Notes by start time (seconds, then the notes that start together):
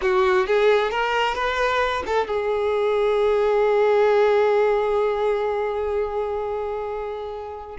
0.01 F#4
0.46 G#4
0.90 A#4
1.34 B4
2.06 A4
2.27 G#4